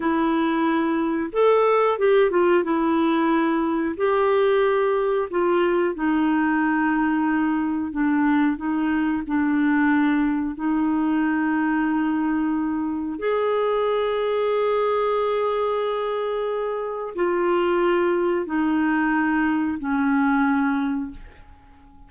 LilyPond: \new Staff \with { instrumentName = "clarinet" } { \time 4/4 \tempo 4 = 91 e'2 a'4 g'8 f'8 | e'2 g'2 | f'4 dis'2. | d'4 dis'4 d'2 |
dis'1 | gis'1~ | gis'2 f'2 | dis'2 cis'2 | }